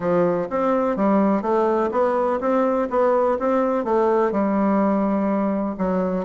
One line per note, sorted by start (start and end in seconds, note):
0.00 0.47 F3
0.50 0.96 C4
0.96 1.42 G3
1.42 1.90 A3
1.91 2.39 B3
2.40 2.88 C4
2.90 3.38 B3
3.39 3.84 C4
3.84 4.31 A3
4.31 5.75 G3
5.78 6.25 F#3